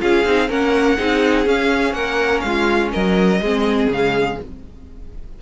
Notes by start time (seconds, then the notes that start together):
0.00 C#4 F4 G#4 F5
0.25 C4 D#4
0.48 A#3 C#4 A#4 F#5
0.97 C4 D#4 G#4
1.45 C#4 F5
1.93 A#3 A#4 F#5
2.40 G#3 F5
2.47 F4
2.92 F#3 A#4 D#5
3.40 G#3 C4 G#4
3.87 C#3 G#3 F5